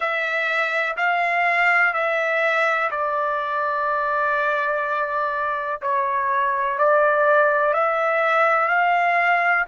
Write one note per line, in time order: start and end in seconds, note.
0.00 0.96 E5
0.96 1.93 F5
1.93 2.90 E5
2.90 5.81 D5
5.81 6.78 C#5
6.78 7.73 D5
7.73 8.68 E5
8.68 9.65 F5